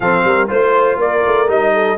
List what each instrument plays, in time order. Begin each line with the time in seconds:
0.00 tuba F3, trombone C4, horn A4, trumpet F5
0.24 tuba G3, horn A#4
0.47 tuba A3, trombone F4, horn C5, trumpet C5
0.96 tuba A#3, horn A#4, trumpet D5
1.26 tuba A3
1.47 tuba G3, trombone D#4, trumpet D#5
1.73 horn A4